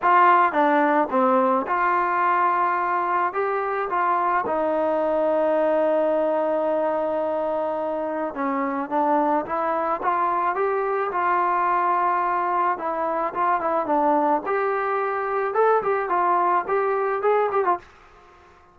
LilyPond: \new Staff \with { instrumentName = "trombone" } { \time 4/4 \tempo 4 = 108 f'4 d'4 c'4 f'4~ | f'2 g'4 f'4 | dis'1~ | dis'2. cis'4 |
d'4 e'4 f'4 g'4 | f'2. e'4 | f'8 e'8 d'4 g'2 | a'8 g'8 f'4 g'4 gis'8 g'16 f'16 | }